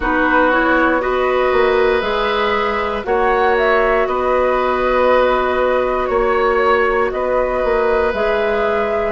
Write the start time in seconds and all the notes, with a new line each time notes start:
0.00 B3 D#4 F#4 B4
0.51 E4 C#5
1.00 F#4 B4 D#5
1.52 A#3
2.01 G#3 G#4 E5
3.03 A#3 F#4 C#5 F#5
3.57 E5
4.07 B3 B4 D#5
6.06 A#3 C#5
7.10 B3 B4 D#5
7.64 A#3
8.13 G#3 G#4 E5